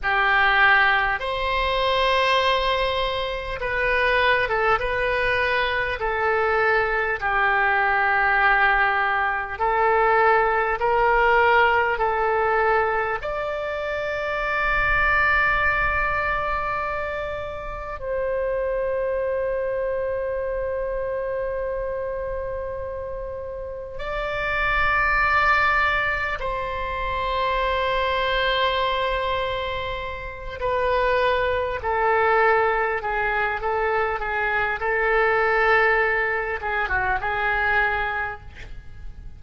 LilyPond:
\new Staff \with { instrumentName = "oboe" } { \time 4/4 \tempo 4 = 50 g'4 c''2 b'8. a'16 | b'4 a'4 g'2 | a'4 ais'4 a'4 d''4~ | d''2. c''4~ |
c''1 | d''2 c''2~ | c''4. b'4 a'4 gis'8 | a'8 gis'8 a'4. gis'16 fis'16 gis'4 | }